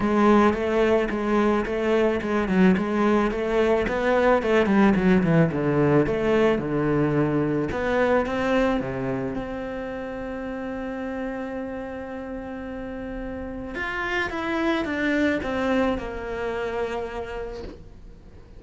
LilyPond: \new Staff \with { instrumentName = "cello" } { \time 4/4 \tempo 4 = 109 gis4 a4 gis4 a4 | gis8 fis8 gis4 a4 b4 | a8 g8 fis8 e8 d4 a4 | d2 b4 c'4 |
c4 c'2.~ | c'1~ | c'4 f'4 e'4 d'4 | c'4 ais2. | }